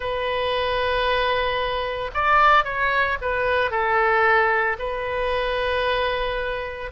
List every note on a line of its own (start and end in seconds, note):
0.00 2.10 B4
2.14 2.64 D5
2.64 3.17 C#5
3.21 3.70 B4
3.70 4.76 A4
4.78 6.91 B4